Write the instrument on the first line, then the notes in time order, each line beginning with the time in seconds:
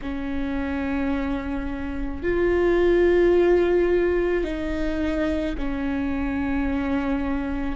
viola
0.02 C#4
2.22 F4
4.43 D#4
5.57 C#4